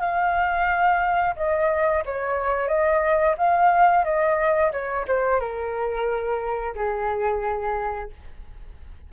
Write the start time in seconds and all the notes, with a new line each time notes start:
0.00 F5
1.36 D#5
2.05 C#5
2.68 D#5
3.38 F5
4.04 D#5
4.72 C#5
5.07 C5
5.40 A#4
6.75 G#4